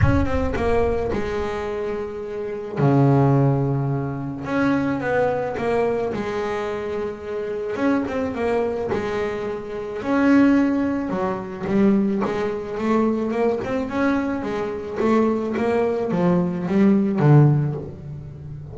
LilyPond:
\new Staff \with { instrumentName = "double bass" } { \time 4/4 \tempo 4 = 108 cis'8 c'8 ais4 gis2~ | gis4 cis2. | cis'4 b4 ais4 gis4~ | gis2 cis'8 c'8 ais4 |
gis2 cis'2 | fis4 g4 gis4 a4 | ais8 c'8 cis'4 gis4 a4 | ais4 f4 g4 d4 | }